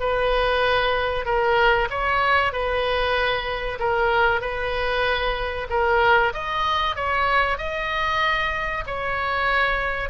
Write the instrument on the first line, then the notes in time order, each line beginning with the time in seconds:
oboe
0.00 B4
1.25 A#4
1.90 C#5
2.53 B4
3.80 A#4
4.41 B4
5.70 A#4
6.34 D#5
6.96 C#5
7.58 D#5
8.87 C#5